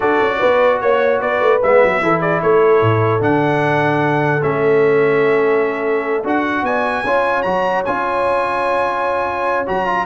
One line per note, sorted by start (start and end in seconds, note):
0.00 0.20 D4
0.00 1.60 F#4
0.00 0.37 A4
0.00 0.80 D5
0.21 0.41 C#4
0.39 0.81 B3
0.39 0.79 B4
0.80 1.20 A#3
0.80 1.20 C#5
1.20 1.40 B3
1.20 2.01 B4
1.20 1.61 D5
1.40 1.60 A3
1.62 1.83 G#3
1.62 2.02 B3
1.62 2.20 E5
1.83 2.01 F#3
2.01 2.41 E3
2.01 3.20 E4
2.01 2.20 A4
2.20 2.40 G#4
2.20 2.40 D5
2.42 2.81 A3
2.42 6.65 A4
2.42 3.22 C#5
2.81 3.20 A2
3.20 4.41 D3
3.20 4.40 D4
3.20 4.42 F#5
4.42 6.23 A3
4.42 6.23 C#4
4.42 6.24 E5
6.23 6.62 D4
6.23 7.04 F#4
6.23 6.65 F#5
6.62 7.03 B3
6.62 7.05 D5
6.62 7.42 G#5
7.03 7.44 C#4
7.03 7.44 F4
7.03 10.06 C#5
7.42 7.85 F#3
7.42 7.84 F#4
7.42 7.82 A#5
7.85 9.68 C#4
7.85 9.66 F4
7.85 9.66 G#5
9.66 10.06 F#3
9.66 9.86 F#4
9.66 10.06 A#5
9.86 10.06 F4